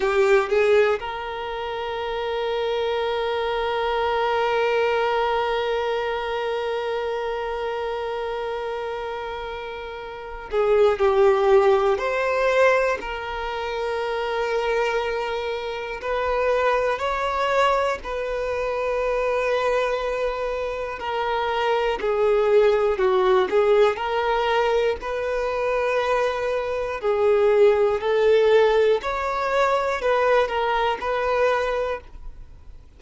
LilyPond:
\new Staff \with { instrumentName = "violin" } { \time 4/4 \tempo 4 = 60 g'8 gis'8 ais'2.~ | ais'1~ | ais'2~ ais'8 gis'8 g'4 | c''4 ais'2. |
b'4 cis''4 b'2~ | b'4 ais'4 gis'4 fis'8 gis'8 | ais'4 b'2 gis'4 | a'4 cis''4 b'8 ais'8 b'4 | }